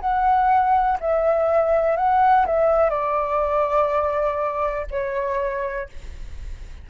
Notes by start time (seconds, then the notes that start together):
0.00 F#5
1.00 E5
1.96 F#5
2.46 E5
2.90 D5
4.90 C#5